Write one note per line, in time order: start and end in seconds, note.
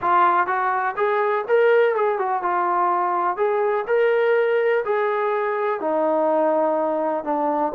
0.01 0.46 F4
0.46 0.95 F#4
0.96 1.45 G#4
1.48 1.95 A#4
1.95 2.18 G#4
2.18 2.42 F#4
2.42 3.36 F4
3.36 3.85 G#4
3.87 4.84 A#4
4.85 5.80 G#4
5.80 7.24 D#4
7.24 7.72 D4